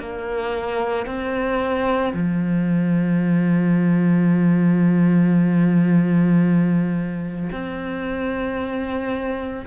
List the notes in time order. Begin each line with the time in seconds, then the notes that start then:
0.00 A#3
1.07 C4
2.14 F3
7.52 C4